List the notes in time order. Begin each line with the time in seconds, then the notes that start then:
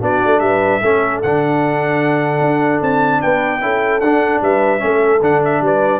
0.00 B3 D4 F#4 D5
0.25 A3
0.40 G3 B4 E5
0.81 A3 C#4 A4
1.22 D3 D4 F#5
2.40 D4
2.81 C4 A5
3.21 B3 B4 G5
3.61 C#4 E4 A4
4.00 D4 F#5
4.41 G3 B4 E5
4.79 A3 C#4 A4
5.21 D3 D4 F#5
5.44 E5
5.61 G3 B4 D5